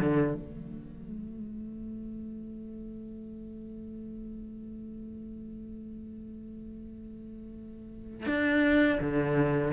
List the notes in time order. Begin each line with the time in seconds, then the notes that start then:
0.00 D3
0.35 A3
8.26 D4
9.00 D3